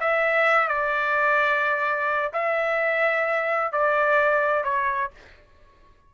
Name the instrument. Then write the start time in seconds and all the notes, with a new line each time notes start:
trumpet
0.00 E5
0.68 D5
2.33 E5
3.72 D5
4.64 C#5